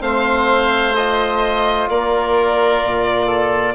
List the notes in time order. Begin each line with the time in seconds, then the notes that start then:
0.00 A3 C4 C5 F5
0.95 F4 D#5
1.89 A#3 A#4 D5
2.83 A#2
3.26 A4